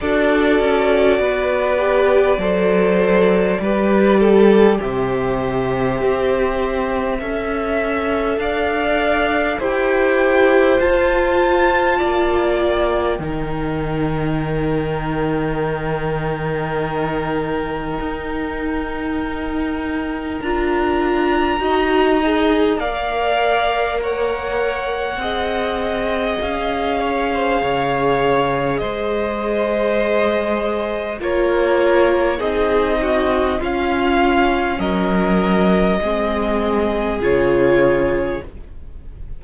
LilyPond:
<<
  \new Staff \with { instrumentName = "violin" } { \time 4/4 \tempo 4 = 50 d''1 | e''2. f''4 | g''4 a''4. g''4.~ | g''1~ |
g''4 ais''2 f''4 | fis''2 f''2 | dis''2 cis''4 dis''4 | f''4 dis''2 cis''4 | }
  \new Staff \with { instrumentName = "violin" } { \time 4/4 a'4 b'4 c''4 b'8 a'8 | g'2 e''4 d''4 | c''2 d''4 ais'4~ | ais'1~ |
ais'2 dis''4 d''4 | cis''4 dis''4. cis''16 c''16 cis''4 | c''2 ais'4 gis'8 fis'8 | f'4 ais'4 gis'2 | }
  \new Staff \with { instrumentName = "viola" } { \time 4/4 fis'4. g'8 a'4 g'4 | c''2 a'2 | g'4 f'2 dis'4~ | dis'1~ |
dis'4 f'4 fis'8 gis'8 ais'4~ | ais'4 gis'2.~ | gis'2 f'4 dis'4 | cis'2 c'4 f'4 | }
  \new Staff \with { instrumentName = "cello" } { \time 4/4 d'8 cis'8 b4 fis4 g4 | c4 c'4 cis'4 d'4 | e'4 f'4 ais4 dis4~ | dis2. dis'4~ |
dis'4 d'4 dis'4 ais4~ | ais4 c'4 cis'4 cis4 | gis2 ais4 c'4 | cis'4 fis4 gis4 cis4 | }
>>